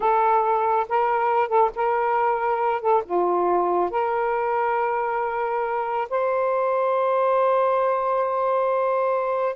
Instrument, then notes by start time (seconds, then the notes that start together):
saxophone
0.00 A4
0.89 A#4
1.48 A4
1.75 A#4
2.81 A4
3.04 F4
3.90 A#4
6.09 C5